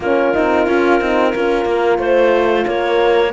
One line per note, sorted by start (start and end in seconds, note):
0.00 0.33 A#3
0.00 0.33 C#4
0.00 1.33 F4
0.00 1.99 A#4
0.33 0.67 C4
0.33 0.66 D#4
0.66 1.00 C#4
0.66 0.99 F4
0.99 1.34 C4
0.99 1.31 D#4
1.31 1.65 C#4
1.31 3.31 F4
1.31 1.98 A#4
1.65 1.98 A#3
1.98 2.65 A3
1.98 2.65 C5
1.98 2.66 C5
2.66 3.32 A#3
2.66 3.32 A#4
2.66 3.32 C#5